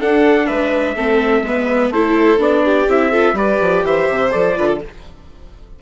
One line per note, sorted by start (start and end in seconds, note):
0.00 0.96 D4
0.00 0.49 D4
0.00 0.47 A4
0.00 0.47 F#5
0.47 0.96 G#3
0.47 0.95 B4
0.47 1.91 E5
0.96 1.42 A3
0.96 1.45 C4
0.96 1.44 A4
1.42 1.90 G#3
1.42 1.94 B3
1.42 1.93 B4
1.90 2.38 A3
1.90 2.38 E4
1.90 2.65 A4
1.90 2.40 C5
2.38 2.87 B3
2.38 2.86 D4
2.38 2.90 D5
2.65 3.11 G4
2.88 3.33 C4
2.88 3.13 E4
2.88 3.37 E5
3.11 3.35 F4
3.11 3.35 A4
3.33 3.57 G3
3.33 4.31 G4
3.33 3.84 B4
3.33 3.85 D5
3.61 3.84 F3
3.84 4.08 E3
3.84 4.57 C5
3.84 4.32 E5
4.10 4.34 C3
4.31 4.58 F3
4.31 4.55 A4
4.31 4.80 D5
4.56 4.82 D3
4.56 4.80 F4
4.56 4.68 B4
4.68 4.80 A4